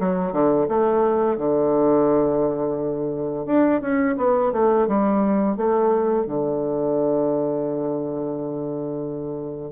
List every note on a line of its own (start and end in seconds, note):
0.00 0.32 F#3
0.32 0.67 D3
0.68 1.38 A3
1.38 3.46 D3
3.46 3.81 D4
3.81 4.16 C#4
4.17 4.52 B3
4.53 4.87 A3
4.87 5.57 G3
5.57 6.27 A3
6.27 9.72 D3